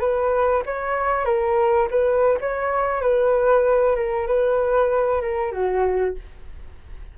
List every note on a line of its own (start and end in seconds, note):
0.00 0.63 B4
0.66 1.25 C#5
1.25 1.88 A#4
1.91 2.38 B4
2.41 3.02 C#5
3.02 3.96 B4
3.96 4.27 A#4
4.27 5.22 B4
5.22 5.52 A#4
5.52 6.15 F#4